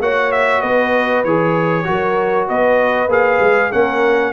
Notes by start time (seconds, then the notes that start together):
0.00 A#3 F#4 C#5 F#5
0.32 E5
0.61 B3 B4 D#5
1.24 E3 G#4 C#5
1.84 F#3 F#4 A#4
2.48 B3 B4 D#5
3.08 A#3 G#4 F5
3.40 G#3
3.71 A#3 C#4 A#4 F#5